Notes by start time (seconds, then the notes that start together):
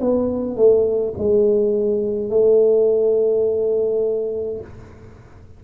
0.00 B3
0.56 A3
1.18 G#3
2.30 A3